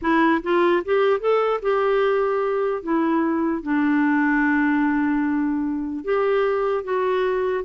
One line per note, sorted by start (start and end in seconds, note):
0.01 0.41 E4
0.42 0.83 F4
0.84 1.20 G4
1.20 1.60 A4
1.62 2.82 G4
2.82 3.62 E4
3.62 6.04 D4
6.04 6.83 G4
6.83 7.64 F#4